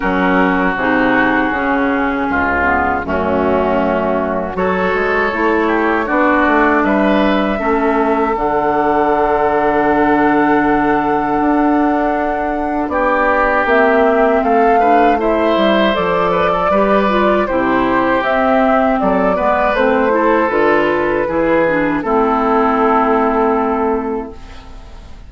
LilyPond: <<
  \new Staff \with { instrumentName = "flute" } { \time 4/4 \tempo 4 = 79 ais'4 gis'2. | fis'2 cis''2 | d''4 e''2 fis''4~ | fis''1~ |
fis''4 d''4 e''4 f''4 | e''4 d''2 c''4 | e''4 d''4 c''4 b'4~ | b'4 a'2. | }
  \new Staff \with { instrumentName = "oboe" } { \time 4/4 fis'2. f'4 | cis'2 a'4. g'8 | fis'4 b'4 a'2~ | a'1~ |
a'4 g'2 a'8 b'8 | c''4. b'16 a'16 b'4 g'4~ | g'4 a'8 b'4 a'4. | gis'4 e'2. | }
  \new Staff \with { instrumentName = "clarinet" } { \time 4/4 cis'4 dis'4 cis'4. b8 | a2 fis'4 e'4 | d'2 cis'4 d'4~ | d'1~ |
d'2 c'4. d'8 | e'4 a'4 g'8 f'8 e'4 | c'4. b8 c'8 e'8 f'4 | e'8 d'8 c'2. | }
  \new Staff \with { instrumentName = "bassoon" } { \time 4/4 fis4 c4 cis4 cis,4 | fis,2 fis8 gis8 a4 | b8 a8 g4 a4 d4~ | d2. d'4~ |
d'4 b4 ais4 a4~ | a8 g8 f4 g4 c4 | c'4 fis8 gis8 a4 d4 | e4 a2. | }
>>